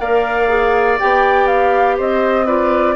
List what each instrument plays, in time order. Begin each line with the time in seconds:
0.00 bassoon A#3, clarinet A#4, oboe D5, flute F5
0.48 clarinet G#4
0.99 bassoon B3, clarinet G4, flute G5
1.47 flute F5
1.97 bassoon C4, oboe C5, flute D#5
2.46 clarinet F4, oboe B4, flute D5